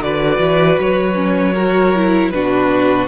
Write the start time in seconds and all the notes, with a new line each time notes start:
0.00 D3 F#4 B4 D5
0.39 E3
0.80 F#3 C#5
1.15 C#4
1.54 F#4 A#4
1.96 E4
2.31 B2 D4 F#4 B4